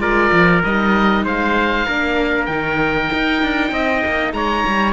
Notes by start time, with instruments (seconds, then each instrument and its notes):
0.00 cello G#3, viola F4, trumpet A#4, oboe D5
0.32 cello F3
0.64 cello G3, viola D#4, oboe D#5
1.24 cello G#3, trumpet C5, oboe F5
1.86 cello A#3, viola D4, trumpet A#4
2.46 cello D#3, viola D#4, oboe G5
3.13 cello D#4
3.43 cello D4
3.72 cello C4, trumpet D#5
4.06 cello A#3
4.34 cello G#3, trumpet C#5, oboe A#5
4.68 cello G3